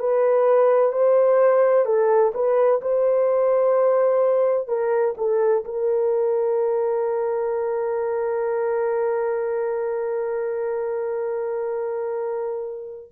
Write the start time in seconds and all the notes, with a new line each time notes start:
0.00 B4
0.93 C5
1.86 A4
2.35 B4
2.82 C5
4.68 A#4
5.18 A4
5.65 A#4